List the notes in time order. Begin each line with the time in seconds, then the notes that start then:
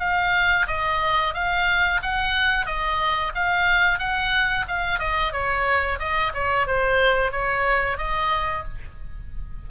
0.00 F5
0.68 D#5
1.35 F5
2.03 F#5
2.66 D#5
3.35 F5
3.99 F#5
4.68 F5
5.00 D#5
5.33 C#5
6.00 D#5
6.35 C#5
6.67 C5
7.32 C#5
7.98 D#5